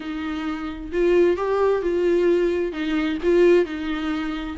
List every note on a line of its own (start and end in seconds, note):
0.00 0.91 D#4
0.92 1.36 F4
1.36 1.82 G4
1.82 2.72 F4
2.72 3.18 D#4
3.22 3.65 F4
3.65 4.56 D#4